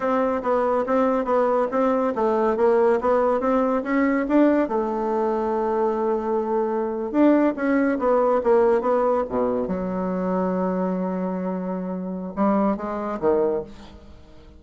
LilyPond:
\new Staff \with { instrumentName = "bassoon" } { \time 4/4 \tempo 4 = 141 c'4 b4 c'4 b4 | c'4 a4 ais4 b4 | c'4 cis'4 d'4 a4~ | a1~ |
a8. d'4 cis'4 b4 ais16~ | ais8. b4 b,4 fis4~ fis16~ | fis1~ | fis4 g4 gis4 dis4 | }